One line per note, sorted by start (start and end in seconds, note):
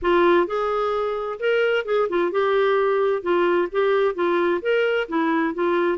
0.01 0.46 F4
0.46 1.39 G#4
1.39 1.85 A#4
1.85 2.08 G#4
2.09 2.31 F4
2.31 3.22 G4
3.22 3.68 F4
3.71 4.14 G4
4.14 4.60 F4
4.61 5.07 A#4
5.08 5.54 E4
5.54 5.97 F4